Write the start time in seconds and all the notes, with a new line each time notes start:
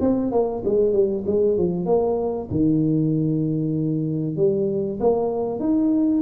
0.00 C4
0.32 A#3
0.64 G#3
0.93 G3
1.26 G#3
1.57 F3
1.86 A#3
2.50 D#3
4.36 G3
5.00 A#3
5.59 D#4